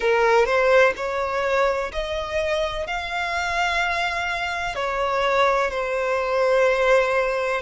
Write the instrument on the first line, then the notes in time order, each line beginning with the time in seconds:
violin
0.00 A#4
0.45 C5
0.96 C#5
1.92 D#5
2.87 F5
4.75 C#5
5.70 C5